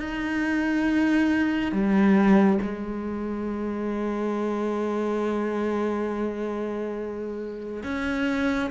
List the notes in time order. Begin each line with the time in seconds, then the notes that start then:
0.00 D#4
1.72 G3
2.62 G#3
7.84 C#4